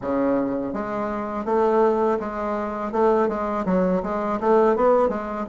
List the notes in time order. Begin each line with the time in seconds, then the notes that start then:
0.01 C#3
0.73 G#3
1.45 A3
2.19 G#3
2.92 A3
3.28 G#3
3.66 F#3
4.02 G#3
4.40 A3
4.76 B3
5.09 G#3